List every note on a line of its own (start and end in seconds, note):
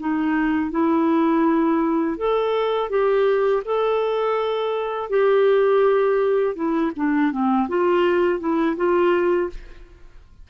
0.00 0.71 D#4
0.71 2.18 E4
2.18 2.90 A4
2.90 3.63 G4
3.65 5.10 A4
5.10 6.56 G4
6.56 6.92 E4
6.96 7.32 D4
7.32 7.69 C4
7.69 8.40 F4
8.40 8.76 E4
8.77 9.50 F4